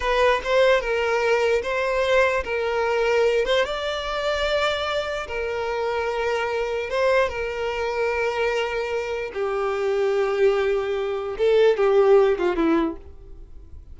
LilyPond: \new Staff \with { instrumentName = "violin" } { \time 4/4 \tempo 4 = 148 b'4 c''4 ais'2 | c''2 ais'2~ | ais'8 c''8 d''2.~ | d''4 ais'2.~ |
ais'4 c''4 ais'2~ | ais'2. g'4~ | g'1 | a'4 g'4. f'8 e'4 | }